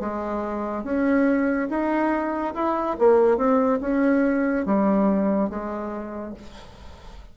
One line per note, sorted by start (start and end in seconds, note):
0.00 0.84 G#3
0.84 1.68 C#4
1.70 2.54 D#4
2.54 2.97 E4
2.99 3.37 A#3
3.37 3.79 C4
3.81 4.66 C#4
4.66 5.50 G3
5.50 6.34 G#3